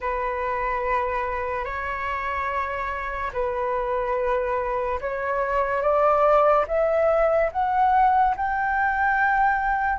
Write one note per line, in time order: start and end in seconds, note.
0.00 1.64 B4
1.64 3.31 C#5
3.33 4.99 B4
5.00 5.81 C#5
5.81 6.65 D5
6.67 7.50 E5
7.52 8.35 F#5
8.36 9.98 G5